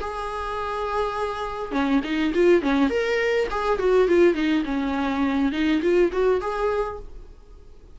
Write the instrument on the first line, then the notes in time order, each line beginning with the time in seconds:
viola
0.00 G#4
1.71 C#4
2.04 D#4
2.34 F4
2.62 C#4
2.89 A#4
3.50 G#4
3.79 F#4
4.08 F4
4.34 D#4
4.65 C#4
5.52 D#4
5.82 F4
6.12 F#4
6.41 G#4